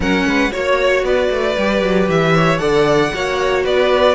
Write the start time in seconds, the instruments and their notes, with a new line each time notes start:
0.00 cello F#3, viola C#4, violin A#4 F#5
0.25 cello G#3, violin B4
0.51 cello A#3, viola F#4, violin C#5
1.03 cello B3, violin B4 D5
1.30 cello A3
1.57 cello G3, viola G4
1.82 cello F#3
2.08 cello E3, violin E5
2.35 violin C#5
2.58 cello D3, viola A4, violin D5 F#5
3.14 cello A#3, viola F#4, violin C#5
3.64 cello B3, violin B4 D5